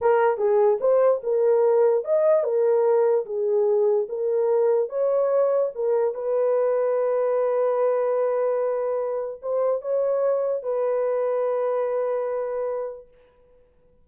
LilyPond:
\new Staff \with { instrumentName = "horn" } { \time 4/4 \tempo 4 = 147 ais'4 gis'4 c''4 ais'4~ | ais'4 dis''4 ais'2 | gis'2 ais'2 | cis''2 ais'4 b'4~ |
b'1~ | b'2. c''4 | cis''2 b'2~ | b'1 | }